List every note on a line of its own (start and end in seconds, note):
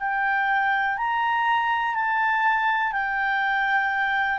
0.00 0.98 G5
0.98 1.95 A#5
1.95 2.93 A5
2.93 4.39 G5